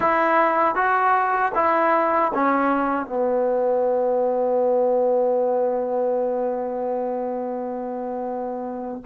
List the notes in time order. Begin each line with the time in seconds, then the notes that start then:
0.00 E4
0.75 F#4
1.55 E4
2.34 C#4
3.06 B3